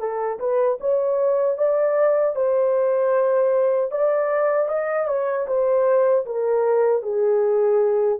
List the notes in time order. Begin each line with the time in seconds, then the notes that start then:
0.00 A4
0.40 B4
0.81 C#5
1.58 D5
2.36 C5
3.91 D5
4.69 D#5
5.08 C#5
5.48 C5
6.26 A#4
7.03 G#4